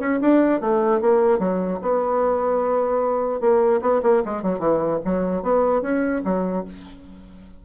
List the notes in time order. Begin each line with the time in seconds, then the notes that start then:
0.00 C#4
0.21 D4
0.61 A3
1.01 A#3
1.39 F#3
1.82 B3
3.41 A#3
3.82 B3
4.03 A#3
4.25 G#3
4.43 F#3
4.59 E3
5.05 F#3
5.43 B3
5.82 C#4
6.25 F#3